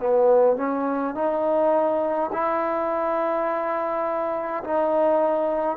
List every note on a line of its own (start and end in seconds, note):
0.00 0.57 B3
0.57 1.15 C#4
1.15 2.31 D#4
2.33 4.64 E4
4.64 5.77 D#4